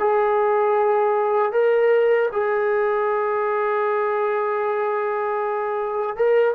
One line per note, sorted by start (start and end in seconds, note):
0.00 1.53 G#4
1.53 2.30 A#4
2.33 6.17 G#4
6.17 6.55 A#4